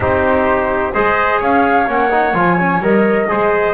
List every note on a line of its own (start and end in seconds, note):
0.00 0.91 C4
0.00 0.93 D#4
0.00 0.93 G4
0.00 0.92 C5
0.92 1.41 G#3
0.92 1.86 G#4
0.92 1.39 C5
0.92 1.39 D#5
1.39 1.87 C#4
1.39 3.26 C#5
1.39 1.88 F5
1.86 2.34 A#3
1.86 2.10 C#4
1.86 2.35 F#5
2.10 2.34 D#4
2.34 2.78 F3
2.34 2.58 F4
2.34 2.83 G#5
2.58 2.82 C#4
2.78 3.25 G3
2.78 3.27 A#4
2.78 3.74 D#5
3.27 3.74 G#3
3.27 3.74 G#4
3.27 3.74 C5